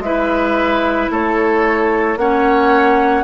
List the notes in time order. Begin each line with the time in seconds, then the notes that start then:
0.00 G#3 E4 B4 E5
1.12 A3 A4 C#5
2.17 A#3 C#4 C#5 F#5